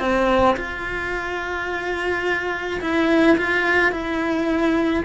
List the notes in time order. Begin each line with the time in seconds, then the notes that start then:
0.00 C4
0.57 F4
2.81 E4
3.37 F4
3.92 E4